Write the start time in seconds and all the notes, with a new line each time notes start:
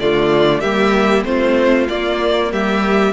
0.00 D3 A3 F4 D5
0.61 G3 A#3 G4 E5
1.24 A3 C4 F4 C5
1.89 A#3 D5
2.52 G3 G4 E5